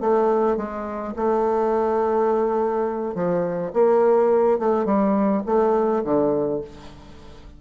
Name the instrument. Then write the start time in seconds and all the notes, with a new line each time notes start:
bassoon
0.00 A3
0.57 G#3
1.16 A3
3.15 F3
3.73 A#3
4.58 A3
4.85 G3
5.46 A3
6.04 D3